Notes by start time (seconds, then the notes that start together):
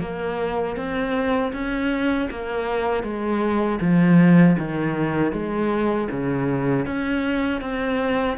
0.00 A#3
0.76 C4
1.53 C#4
2.30 A#3
3.03 G#3
3.80 F3
4.58 D#3
5.32 G#3
6.11 C#3
6.86 C#4
7.61 C4